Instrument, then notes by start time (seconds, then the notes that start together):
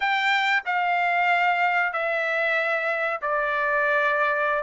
trumpet
0.00 G5
0.65 F5
1.92 E5
3.21 D5